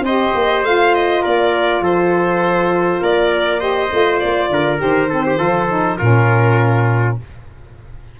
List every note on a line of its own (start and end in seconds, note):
0.00 0.30 C4
0.00 1.22 C5
0.00 0.65 D#5
0.06 0.65 G4
0.35 0.63 A#3
0.63 1.23 A3
0.63 3.59 F4
0.63 0.94 F5
0.94 1.24 D#5
1.22 1.80 A#3
1.22 1.81 A#4
1.22 1.84 D5
1.80 2.99 F3
1.80 3.01 A4
1.80 3.03 C5
3.01 3.91 A#3
3.01 3.60 A#4
3.01 3.60 D5
3.59 3.89 G4
3.59 4.49 C5
3.59 4.19 D#5
3.90 4.22 A3
3.90 4.78 F4
4.19 4.50 A#3
4.19 4.79 D5
4.50 4.80 D3
4.50 5.09 A#4
4.78 5.39 D#3
4.78 5.07 G4
4.78 5.97 C5
5.09 5.36 C4
5.09 5.24 A4
5.26 5.38 G4
5.36 5.99 F3
5.36 5.66 F4
5.36 5.98 A4
5.69 5.98 D#4
5.97 7.20 A#2
5.97 7.19 C#4
5.97 7.17 F4
5.97 7.16 A#4